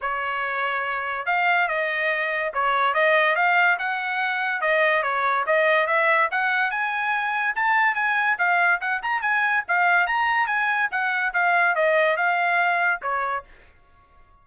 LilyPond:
\new Staff \with { instrumentName = "trumpet" } { \time 4/4 \tempo 4 = 143 cis''2. f''4 | dis''2 cis''4 dis''4 | f''4 fis''2 dis''4 | cis''4 dis''4 e''4 fis''4 |
gis''2 a''4 gis''4 | f''4 fis''8 ais''8 gis''4 f''4 | ais''4 gis''4 fis''4 f''4 | dis''4 f''2 cis''4 | }